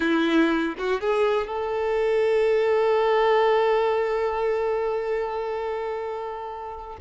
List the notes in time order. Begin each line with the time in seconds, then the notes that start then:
0.00 E4
0.77 F#4
1.00 G#4
1.46 A4